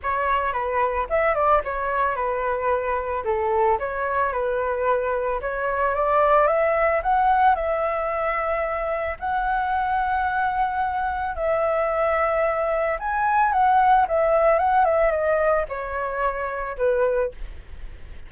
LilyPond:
\new Staff \with { instrumentName = "flute" } { \time 4/4 \tempo 4 = 111 cis''4 b'4 e''8 d''8 cis''4 | b'2 a'4 cis''4 | b'2 cis''4 d''4 | e''4 fis''4 e''2~ |
e''4 fis''2.~ | fis''4 e''2. | gis''4 fis''4 e''4 fis''8 e''8 | dis''4 cis''2 b'4 | }